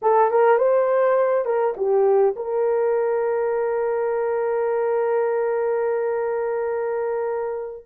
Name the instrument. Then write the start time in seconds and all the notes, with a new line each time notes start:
horn
0.02 A4
0.30 A#4
0.57 C5
1.45 A#4
1.77 G4
2.36 A#4